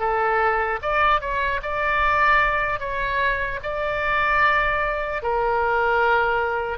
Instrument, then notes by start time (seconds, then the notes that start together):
oboe
0.00 A4
0.82 D5
1.21 C#5
1.63 D5
2.80 C#5
3.63 D5
5.23 A#4